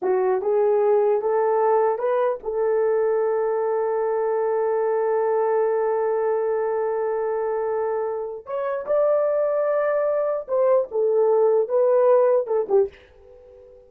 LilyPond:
\new Staff \with { instrumentName = "horn" } { \time 4/4 \tempo 4 = 149 fis'4 gis'2 a'4~ | a'4 b'4 a'2~ | a'1~ | a'1~ |
a'1~ | a'4 cis''4 d''2~ | d''2 c''4 a'4~ | a'4 b'2 a'8 g'8 | }